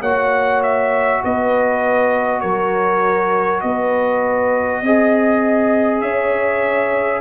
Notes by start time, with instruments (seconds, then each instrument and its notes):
0.00 tuba A#3, trombone F#4, horn C#5, trumpet F#5
0.62 trumpet E5
1.24 tuba B3, horn B4, trumpet D#5
2.40 tuba F#3, horn A#4, trumpet C#5
3.60 tuba B3, horn B4, trumpet D#5
4.81 tuba C4, trombone G#4, horn D#5
6.00 tuba C#4, horn C#5, trumpet E5